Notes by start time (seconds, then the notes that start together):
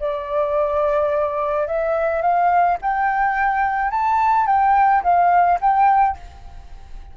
0.00 D5
1.68 E5
2.22 F5
2.82 G5
3.91 A5
4.47 G5
5.04 F5
5.61 G5